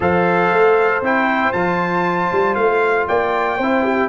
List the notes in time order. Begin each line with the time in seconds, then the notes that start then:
0.00 F3 A4 C5 F5
0.51 A3
1.01 C4 E4 G5
1.52 F3 F4 A5
2.31 G3
2.54 A3 F5
3.08 A#3 D5 G5
3.57 C4 E4 C5
3.83 G4